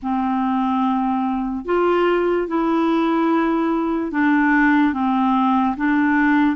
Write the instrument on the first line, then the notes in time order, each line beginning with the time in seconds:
clarinet
0.02 C4
1.65 F4
2.47 E4
4.11 D4
4.93 C4
5.76 D4